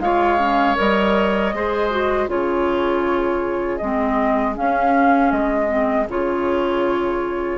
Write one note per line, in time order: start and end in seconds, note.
0.00 0.76 G#3
0.00 0.39 F4
0.00 1.56 C#5
0.00 0.77 F5
0.39 0.76 C#4
0.76 1.54 G3
0.76 1.52 A#4
0.76 2.30 D#5
1.54 2.28 G#3
1.54 1.91 G#4
1.54 2.30 C5
1.91 2.28 F#4
2.28 3.80 C#3
2.28 3.80 F4
2.28 7.58 G#4
2.28 3.78 C#5
3.78 4.58 G#3
3.78 4.55 C4
3.78 4.54 D#5
4.55 5.68 C#4
4.55 5.32 C#4
4.55 5.31 F5
5.31 6.08 G#3
5.31 6.07 D#5
5.68 6.06 C4
6.09 7.58 C#3
6.09 7.58 F4
6.09 7.58 C#5